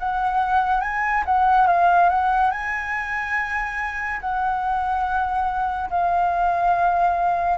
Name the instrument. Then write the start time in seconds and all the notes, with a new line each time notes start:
flute
0.00 F#5
0.81 G#5
1.26 F#5
1.67 F5
2.10 F#5
2.52 G#5
4.21 F#5
5.90 F5